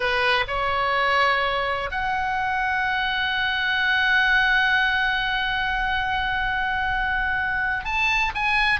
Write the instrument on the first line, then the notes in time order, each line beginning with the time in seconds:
oboe
0.00 B4
0.47 C#5
1.91 F#5
7.84 A5
8.34 G#5